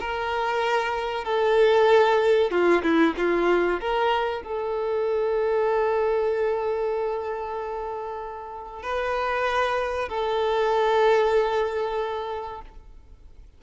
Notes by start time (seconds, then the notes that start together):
0.00 A#4
1.25 A4
2.51 F4
2.83 E4
3.18 F4
3.81 A#4
4.42 A4
8.83 B4
10.09 A4